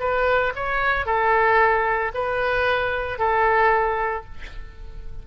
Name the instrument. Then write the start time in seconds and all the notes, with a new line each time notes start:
oboe
0.00 B4
0.56 C#5
1.06 A4
2.15 B4
3.19 A4